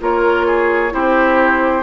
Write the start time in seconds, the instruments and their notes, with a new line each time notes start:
0.00 bassoon A#3, clarinet F4, oboe A#4, flute C#5
0.47 oboe G#4
0.90 bassoon C4, clarinet E4, oboe G4, flute C5